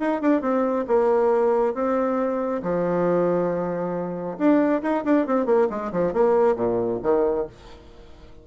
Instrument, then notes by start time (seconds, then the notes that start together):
bassoon
0.00 D#4
0.21 D4
0.42 C4
0.88 A#3
1.74 C4
2.63 F3
4.38 D4
4.82 D#4
5.05 D4
5.27 C4
5.46 A#3
5.70 G#3
5.92 F3
6.13 A#3
6.56 A#2
7.03 D#3